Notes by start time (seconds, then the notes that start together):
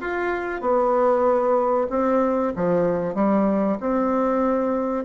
0.00 F4
0.61 B3
1.89 C4
2.55 F3
3.14 G3
3.80 C4